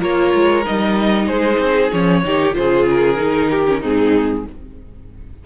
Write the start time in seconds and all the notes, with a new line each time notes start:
0.00 A#3 F4 A#4 C#5
0.34 G#3
0.65 G3 D#4 D#5
1.26 G#3 G#4 C5
1.59 C4
1.92 F3 C#4 C#5
2.25 D#3 D#4 G4
2.53 C#3 F4 G#4 C5
2.90 A#4
3.16 D#3 D#4
3.51 G4
3.68 C#4
3.81 G#2 C4 D#4 G#4